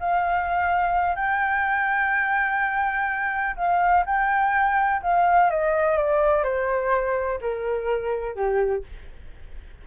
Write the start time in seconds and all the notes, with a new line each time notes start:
0.00 F5
1.16 G5
3.56 F5
4.06 G5
5.02 F5
5.50 D#5
5.97 D5
6.43 C5
7.41 A#4
8.35 G4